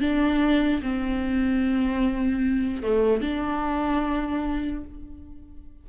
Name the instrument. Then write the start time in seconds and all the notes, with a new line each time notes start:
viola
0.00 D4
0.82 C4
2.83 A3
3.21 D4